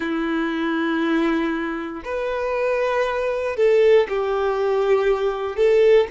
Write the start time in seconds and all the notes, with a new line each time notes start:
0.00 E4
2.04 B4
3.56 A4
4.09 G4
5.56 A4